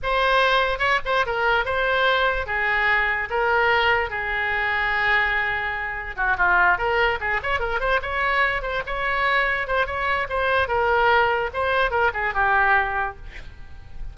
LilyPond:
\new Staff \with { instrumentName = "oboe" } { \time 4/4 \tempo 4 = 146 c''2 cis''8 c''8 ais'4 | c''2 gis'2 | ais'2 gis'2~ | gis'2. fis'8 f'8~ |
f'8 ais'4 gis'8 cis''8 ais'8 c''8 cis''8~ | cis''4 c''8 cis''2 c''8 | cis''4 c''4 ais'2 | c''4 ais'8 gis'8 g'2 | }